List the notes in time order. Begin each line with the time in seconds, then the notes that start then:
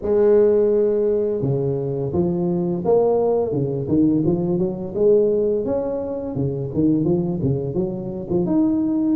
0.02 G#3
1.41 C#3
2.12 F3
2.84 A#3
3.51 C#3
3.88 D#3
4.25 F3
4.58 F#3
4.94 G#3
5.65 C#4
6.35 C#3
6.73 D#3
7.04 F3
7.42 C#3
7.74 F#3
8.29 F3
8.45 D#4